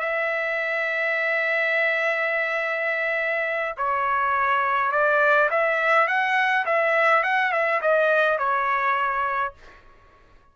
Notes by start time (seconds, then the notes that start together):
0.00 E5
3.78 C#5
4.92 D5
5.50 E5
6.08 F#5
6.66 E5
7.23 F#5
7.52 E5
7.82 D#5
8.39 C#5